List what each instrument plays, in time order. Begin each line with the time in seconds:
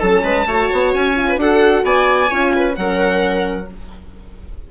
0.00 bassoon F#3, horn C#4, viola A4, violin A5
0.23 bassoon G#3, viola B4
0.47 bassoon A3, horn F#4, viola C#5
0.73 bassoon B3
0.94 bassoon C#4, violin G#5
1.16 horn F4
1.29 viola B4
1.37 bassoon D4, horn F#4, viola A4, violin F#5
1.84 bassoon B3, viola D5, violin G#5
2.30 bassoon C#4, horn F4, viola C#5
2.55 viola B4
2.74 bassoon F#3, horn C#4, viola A#4, violin F#5